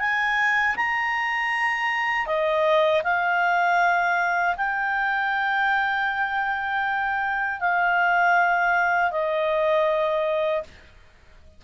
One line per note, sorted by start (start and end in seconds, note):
0.00 0.76 G#5
0.76 2.27 A#5
2.27 3.03 D#5
3.04 4.56 F5
4.57 7.61 G5
7.61 9.12 F5
9.12 10.64 D#5